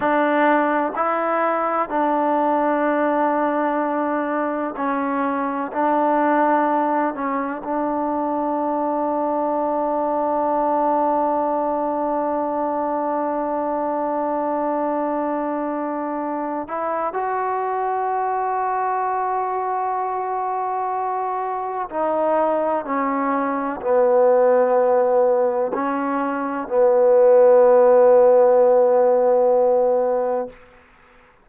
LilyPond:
\new Staff \with { instrumentName = "trombone" } { \time 4/4 \tempo 4 = 63 d'4 e'4 d'2~ | d'4 cis'4 d'4. cis'8 | d'1~ | d'1~ |
d'4. e'8 fis'2~ | fis'2. dis'4 | cis'4 b2 cis'4 | b1 | }